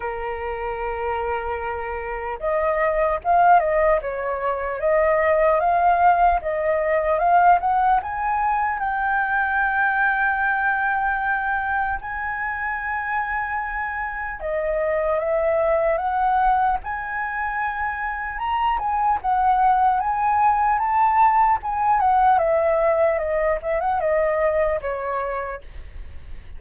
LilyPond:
\new Staff \with { instrumentName = "flute" } { \time 4/4 \tempo 4 = 75 ais'2. dis''4 | f''8 dis''8 cis''4 dis''4 f''4 | dis''4 f''8 fis''8 gis''4 g''4~ | g''2. gis''4~ |
gis''2 dis''4 e''4 | fis''4 gis''2 ais''8 gis''8 | fis''4 gis''4 a''4 gis''8 fis''8 | e''4 dis''8 e''16 fis''16 dis''4 cis''4 | }